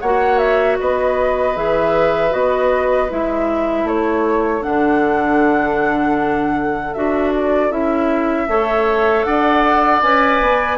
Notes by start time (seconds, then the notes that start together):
0.00 A#3 F#4 C#5 F#5
0.38 E5
0.79 B3 B4 D#5
1.56 E3 G#4 E5
2.31 B3 F#4 D#5
3.09 G#3 E4 E5
3.83 A3 A4 C#5
4.61 D3 D4 F#5
6.93 D4 F#4 E5
7.35 D5
7.70 C#4 E4 E5
8.47 A3 A4 C#5
9.24 D4 D5 F#5
10.02 C#4 B4 G#5
10.41 B3